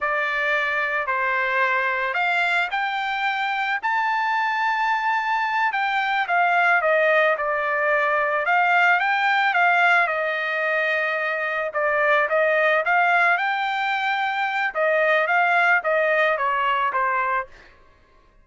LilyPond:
\new Staff \with { instrumentName = "trumpet" } { \time 4/4 \tempo 4 = 110 d''2 c''2 | f''4 g''2 a''4~ | a''2~ a''8 g''4 f''8~ | f''8 dis''4 d''2 f''8~ |
f''8 g''4 f''4 dis''4.~ | dis''4. d''4 dis''4 f''8~ | f''8 g''2~ g''8 dis''4 | f''4 dis''4 cis''4 c''4 | }